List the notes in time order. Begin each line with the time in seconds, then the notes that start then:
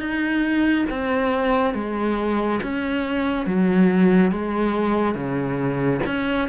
0.00 D#4
0.90 C4
1.75 G#3
2.63 C#4
3.46 F#3
4.32 G#3
5.15 C#3
6.06 C#4